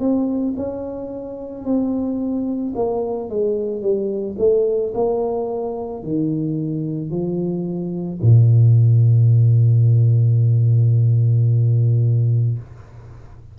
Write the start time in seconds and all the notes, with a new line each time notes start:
0.00 C4
0.57 C#4
1.65 C4
2.76 A#3
3.29 G#3
3.82 G3
4.38 A3
4.94 A#3
6.03 D#3
7.11 F3
8.22 A#2